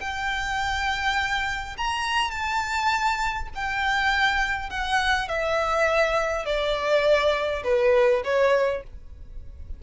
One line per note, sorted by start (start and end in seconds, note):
0.00 1.76 G5
1.77 2.31 A#5
2.31 3.49 A5
3.55 4.70 G5
4.70 5.28 F#5
5.28 6.45 E5
6.45 7.63 D5
7.63 8.22 B4
8.24 8.83 C#5